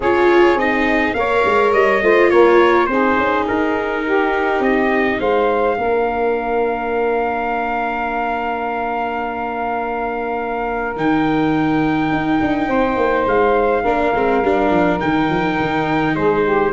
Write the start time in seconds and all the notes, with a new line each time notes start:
0.00 C#4 F4 G#4 C#5
0.55 C4 D#4 D#5
1.14 A#3 A#4 C#5 F5
1.45 G#3
1.73 G3 D#5
2.01 A3 F4 C5
2.30 A#3 A#4 C#5
2.86 C4 D#4 G#4 C5
3.17 C#4
3.47 D#4 A#4
4.04 G4
4.59 C4 D#5
5.19 G#3 C5 F5
5.76 A#3 D4 A#4
10.96 D#3 D#4 G5
12.11 D#4
12.41 D4
12.68 C4 C5
12.96 A#3
13.25 G#3 F5
13.82 A#3 D4 A#4
14.14 G#3 C4
14.43 G3 D4
14.70 F3
14.99 D#3 D#4 G5
15.29 F3
15.59 D#3
16.13 G#3 G#4 C5
16.43 G4